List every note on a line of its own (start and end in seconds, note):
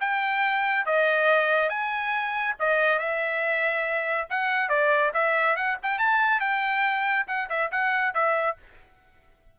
0.00 0.85 G5
0.85 1.69 D#5
1.69 2.55 G#5
2.59 2.99 D#5
2.99 4.27 E5
4.30 4.69 F#5
4.69 5.12 D5
5.14 5.56 E5
5.56 5.77 F#5
5.82 5.98 G5
5.98 6.40 A5
6.40 7.26 G5
7.27 7.49 F#5
7.49 7.71 E5
7.71 8.14 F#5
8.14 8.57 E5